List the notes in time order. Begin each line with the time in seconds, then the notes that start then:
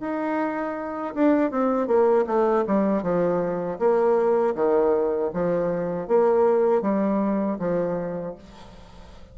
0.00 D#4
1.14 D4
1.51 C4
1.87 A#3
2.26 A3
2.67 G3
3.02 F3
3.78 A#3
4.55 D#3
5.33 F3
6.08 A#3
6.81 G3
7.59 F3